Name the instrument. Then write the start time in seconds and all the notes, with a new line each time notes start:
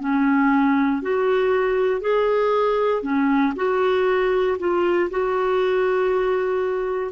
clarinet
0.00 C#4
1.02 F#4
2.01 G#4
3.02 C#4
3.56 F#4
4.59 F4
5.10 F#4